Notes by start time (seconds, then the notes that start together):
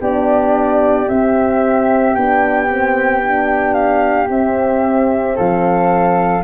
0.00 B3 D4 G4 D5
1.08 C4 E5
2.15 B3 D4 G5
2.69 C4
3.23 D4
3.74 F5
4.29 C4 E5
5.36 F3 A4 F5